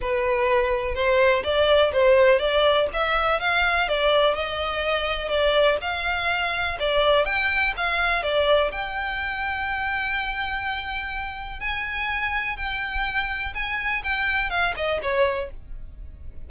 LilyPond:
\new Staff \with { instrumentName = "violin" } { \time 4/4 \tempo 4 = 124 b'2 c''4 d''4 | c''4 d''4 e''4 f''4 | d''4 dis''2 d''4 | f''2 d''4 g''4 |
f''4 d''4 g''2~ | g''1 | gis''2 g''2 | gis''4 g''4 f''8 dis''8 cis''4 | }